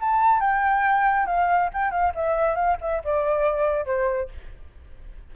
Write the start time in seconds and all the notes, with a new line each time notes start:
0.00 A5
0.40 G5
1.26 F5
1.73 G5
1.91 F5
2.15 E5
2.55 F5
2.81 E5
3.04 D5
3.85 C5